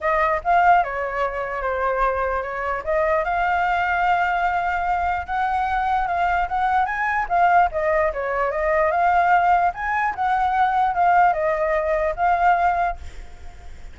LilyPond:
\new Staff \with { instrumentName = "flute" } { \time 4/4 \tempo 4 = 148 dis''4 f''4 cis''2 | c''2 cis''4 dis''4 | f''1~ | f''4 fis''2 f''4 |
fis''4 gis''4 f''4 dis''4 | cis''4 dis''4 f''2 | gis''4 fis''2 f''4 | dis''2 f''2 | }